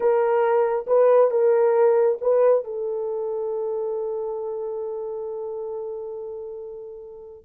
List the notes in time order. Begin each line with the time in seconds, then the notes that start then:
0.00 A#4
0.87 B4
1.30 A#4
2.21 B4
2.64 A4